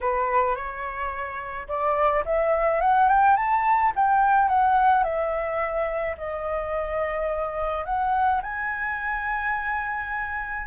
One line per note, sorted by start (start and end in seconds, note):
0.01 0.55 B4
0.55 1.67 C#5
1.67 2.24 D5
2.25 2.80 E5
2.80 3.08 F#5
3.08 3.36 G5
3.36 3.92 A5
3.95 4.48 G5
4.48 5.03 F#5
5.03 6.15 E5
6.17 7.85 D#5
7.85 8.41 F#5
8.42 10.66 G#5